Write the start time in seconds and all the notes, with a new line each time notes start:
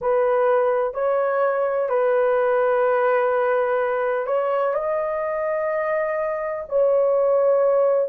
0.01 B4
0.94 C#5
1.89 B4
4.26 C#5
4.74 D#5
6.68 C#5